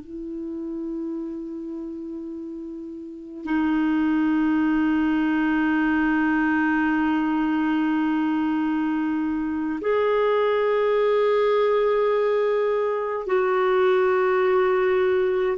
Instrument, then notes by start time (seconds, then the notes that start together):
clarinet
0.00 E4
3.45 D#4
9.81 G#4
13.26 F#4